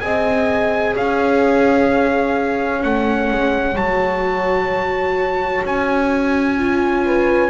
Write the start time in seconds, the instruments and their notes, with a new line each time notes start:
0.00 double bass C4, viola G#4, horn D#5, trumpet G#5
0.94 double bass C#4, horn C#5, trumpet F5
2.79 double bass A3, viola C#4, trumpet F#5
3.31 double bass G#3
3.75 double bass F#3, viola F#4, trumpet A5
5.64 double bass C#4, trumpet G#5
6.58 viola F4
7.05 horn B4